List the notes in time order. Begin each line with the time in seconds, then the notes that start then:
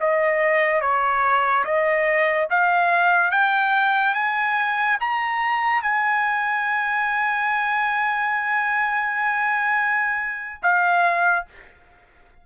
0.00 D#5
0.81 C#5
1.64 D#5
2.50 F5
3.31 G5
4.14 G#5
5.00 A#5
5.82 G#5
10.62 F5